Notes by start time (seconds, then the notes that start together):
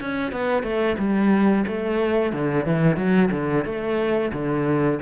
0.00 C#4
0.32 B3
0.63 A3
0.98 G3
1.67 A3
2.32 D3
2.65 E3
2.96 F#3
3.31 D3
3.65 A3
4.32 D3